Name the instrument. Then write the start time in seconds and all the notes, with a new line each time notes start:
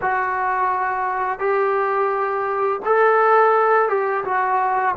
trombone
0.01 F#4
1.39 G4
2.85 A4
3.88 G4
4.24 F#4